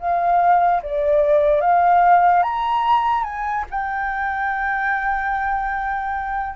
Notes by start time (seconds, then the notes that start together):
0.00 F5
0.83 D5
1.61 F5
2.43 A#5
3.24 G#5
3.71 G5